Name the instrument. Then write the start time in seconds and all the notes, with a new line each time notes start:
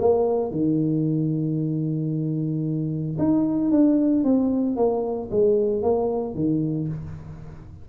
tuba
0.00 A#3
0.52 D#3
3.19 D#4
3.71 D4
4.25 C4
4.77 A#3
5.31 G#3
5.83 A#3
6.35 D#3